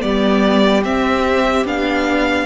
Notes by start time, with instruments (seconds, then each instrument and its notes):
0.00 cello G3, viola B3, violin G4 D5
0.84 viola C4, cello C4, violin E5
1.65 cello B3, viola D4, violin F5